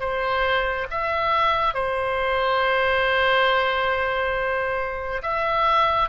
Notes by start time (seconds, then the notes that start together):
0.00 C5
0.90 E5
1.74 C5
5.23 E5